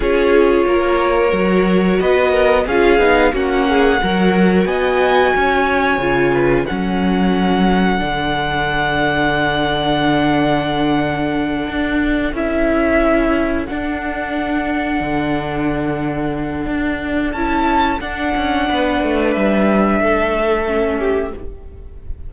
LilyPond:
<<
  \new Staff \with { instrumentName = "violin" } { \time 4/4 \tempo 4 = 90 cis''2. dis''4 | f''4 fis''2 gis''4~ | gis''2 fis''2~ | fis''1~ |
fis''2~ fis''8 e''4.~ | e''8 fis''2.~ fis''8~ | fis''2 a''4 fis''4~ | fis''4 e''2. | }
  \new Staff \with { instrumentName = "violin" } { \time 4/4 gis'4 ais'2 b'8 ais'8 | gis'4 fis'8 gis'8 ais'4 dis''4 | cis''4. b'8 a'2~ | a'1~ |
a'1~ | a'1~ | a'1 | b'2 a'4. g'8 | }
  \new Staff \with { instrumentName = "viola" } { \time 4/4 f'2 fis'2 | f'8 dis'8 cis'4 fis'2~ | fis'4 f'4 cis'2 | d'1~ |
d'2~ d'8 e'4.~ | e'8 d'2.~ d'8~ | d'2 e'4 d'4~ | d'2. cis'4 | }
  \new Staff \with { instrumentName = "cello" } { \time 4/4 cis'4 ais4 fis4 b4 | cis'8 b8 ais4 fis4 b4 | cis'4 cis4 fis2 | d1~ |
d4. d'4 cis'4.~ | cis'8 d'2 d4.~ | d4 d'4 cis'4 d'8 cis'8 | b8 a8 g4 a2 | }
>>